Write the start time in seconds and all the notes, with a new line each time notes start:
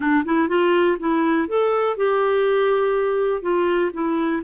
0.00 D4
0.25 E4
0.48 F4
0.99 E4
1.48 A4
1.96 G4
3.42 F4
3.93 E4